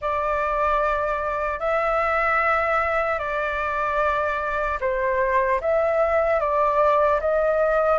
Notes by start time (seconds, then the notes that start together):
0.01 D5
1.59 E5
3.19 D5
4.80 C5
5.60 E5
6.40 D5
7.20 D#5